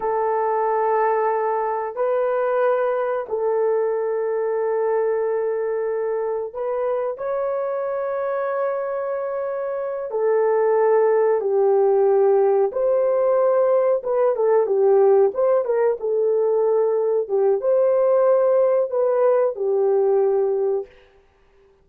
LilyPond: \new Staff \with { instrumentName = "horn" } { \time 4/4 \tempo 4 = 92 a'2. b'4~ | b'4 a'2.~ | a'2 b'4 cis''4~ | cis''2.~ cis''8 a'8~ |
a'4. g'2 c''8~ | c''4. b'8 a'8 g'4 c''8 | ais'8 a'2 g'8 c''4~ | c''4 b'4 g'2 | }